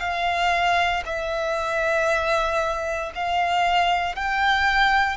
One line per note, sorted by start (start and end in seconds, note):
0.00 1.03 F5
1.06 3.13 E5
3.16 4.16 F5
4.16 5.18 G5